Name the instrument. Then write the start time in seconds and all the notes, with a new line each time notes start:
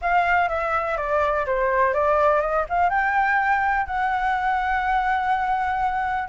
flute
0.01 F5
0.48 E5
0.97 D5
1.46 C5
1.93 D5
2.40 D#5
2.69 F5
2.89 G5
3.86 F#5